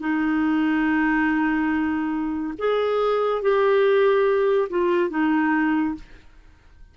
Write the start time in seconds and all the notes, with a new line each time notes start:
0.00 D#4
2.59 G#4
3.42 G4
4.70 F4
5.10 D#4